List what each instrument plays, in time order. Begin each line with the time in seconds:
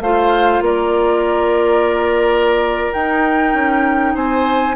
0.00 bassoon A3, clarinet F4, oboe C5, flute F5
0.61 bassoon A#3, oboe A#4, flute D5
2.93 clarinet D#4, bassoon D#4, flute G5
3.54 bassoon C#4
4.15 bassoon C4, oboe C5, flute G#5